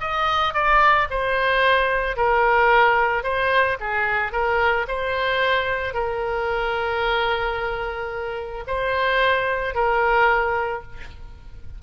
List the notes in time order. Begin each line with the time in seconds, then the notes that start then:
0.00 D#5
0.53 D5
1.10 C5
2.16 A#4
3.23 C5
3.80 G#4
4.32 A#4
4.87 C5
5.93 A#4
8.67 C5
9.74 A#4